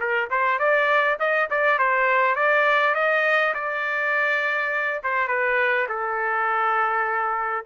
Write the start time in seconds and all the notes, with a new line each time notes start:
0.00 A#4
0.30 C5
0.59 D5
1.20 D#5
1.50 D5
1.79 C5
2.36 D5
2.95 D#5
3.54 D5
5.03 C5
5.28 B4
5.89 A4